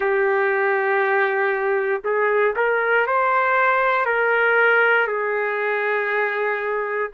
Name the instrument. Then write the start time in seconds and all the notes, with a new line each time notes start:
trumpet
0.00 G4
2.04 G#4
2.56 A#4
3.06 C5
4.05 A#4
5.07 G#4